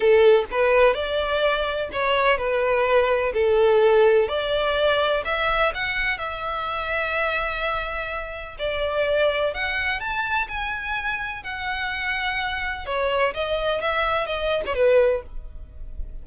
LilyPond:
\new Staff \with { instrumentName = "violin" } { \time 4/4 \tempo 4 = 126 a'4 b'4 d''2 | cis''4 b'2 a'4~ | a'4 d''2 e''4 | fis''4 e''2.~ |
e''2 d''2 | fis''4 a''4 gis''2 | fis''2. cis''4 | dis''4 e''4 dis''8. cis''16 b'4 | }